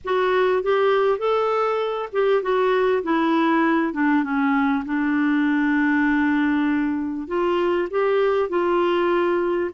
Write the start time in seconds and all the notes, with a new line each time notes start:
0.04 F#4
0.62 G4
1.18 A4
2.12 G4
2.42 F#4
3.03 E4
3.93 D4
4.23 C#4
4.85 D4
7.27 F4
7.90 G4
8.49 F4